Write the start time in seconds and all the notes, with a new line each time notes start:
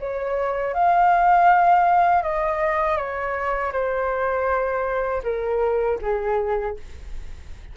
0.00 C#5
0.74 F5
2.23 D#5
2.97 C#5
3.72 C5
5.23 A#4
6.01 G#4